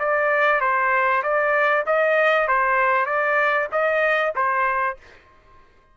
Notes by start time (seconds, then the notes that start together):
0.00 D5
0.61 C5
1.23 D5
1.86 D#5
2.48 C5
3.06 D5
3.72 D#5
4.36 C5